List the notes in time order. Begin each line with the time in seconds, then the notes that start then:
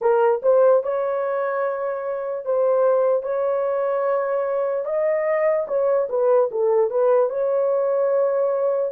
0.01 A#4
0.42 C5
0.83 C#5
2.45 C5
3.22 C#5
4.85 D#5
5.67 C#5
6.08 B4
6.51 A4
6.90 B4
7.29 C#5